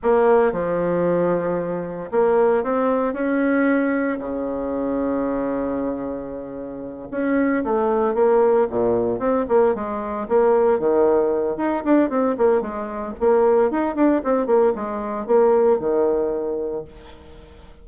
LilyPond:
\new Staff \with { instrumentName = "bassoon" } { \time 4/4 \tempo 4 = 114 ais4 f2. | ais4 c'4 cis'2 | cis1~ | cis4. cis'4 a4 ais8~ |
ais8 ais,4 c'8 ais8 gis4 ais8~ | ais8 dis4. dis'8 d'8 c'8 ais8 | gis4 ais4 dis'8 d'8 c'8 ais8 | gis4 ais4 dis2 | }